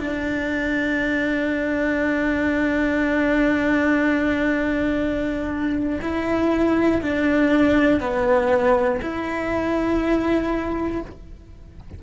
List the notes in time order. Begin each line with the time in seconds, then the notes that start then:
0.00 D4
6.02 E4
7.03 D4
8.01 B3
9.02 E4